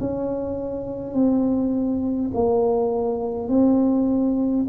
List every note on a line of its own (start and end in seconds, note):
0.00 1.13 C#4
1.13 2.31 C4
2.34 3.49 A#3
3.49 4.66 C4